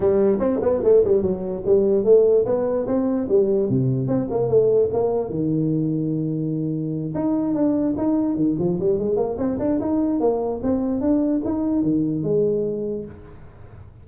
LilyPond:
\new Staff \with { instrumentName = "tuba" } { \time 4/4 \tempo 4 = 147 g4 c'8 b8 a8 g8 fis4 | g4 a4 b4 c'4 | g4 c4 c'8 ais8 a4 | ais4 dis2.~ |
dis4. dis'4 d'4 dis'8~ | dis'8 dis8 f8 g8 gis8 ais8 c'8 d'8 | dis'4 ais4 c'4 d'4 | dis'4 dis4 gis2 | }